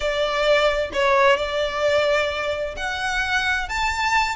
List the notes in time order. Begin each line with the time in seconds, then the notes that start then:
0.00 D5
0.93 C#5
1.36 D5
2.76 F#5
3.69 A5